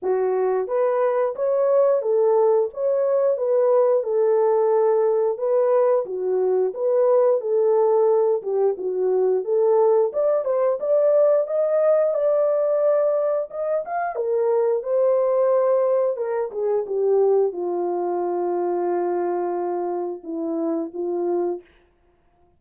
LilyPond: \new Staff \with { instrumentName = "horn" } { \time 4/4 \tempo 4 = 89 fis'4 b'4 cis''4 a'4 | cis''4 b'4 a'2 | b'4 fis'4 b'4 a'4~ | a'8 g'8 fis'4 a'4 d''8 c''8 |
d''4 dis''4 d''2 | dis''8 f''8 ais'4 c''2 | ais'8 gis'8 g'4 f'2~ | f'2 e'4 f'4 | }